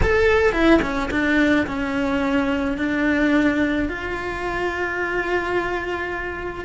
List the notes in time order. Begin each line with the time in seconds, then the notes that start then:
0.02 A4
0.52 E4
0.82 C#4
1.11 D4
1.66 C#4
2.77 D4
3.88 F4